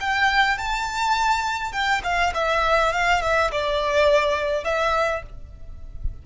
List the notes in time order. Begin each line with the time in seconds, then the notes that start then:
0.00 G5
0.57 A5
1.72 G5
2.04 F5
2.34 E5
2.92 F5
3.21 E5
3.51 D5
4.64 E5